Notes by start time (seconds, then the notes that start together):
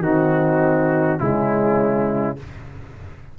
0.00 D#3 C4 D#4 F#4
1.19 C#3 G#3 C#4 E4